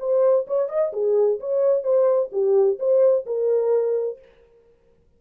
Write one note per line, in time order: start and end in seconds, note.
0.00 0.47 C5
0.48 0.69 C#5
0.69 0.93 D#5
0.93 1.40 G#4
1.41 1.84 C#5
1.84 2.30 C5
2.33 2.79 G4
2.79 3.26 C5
3.26 4.19 A#4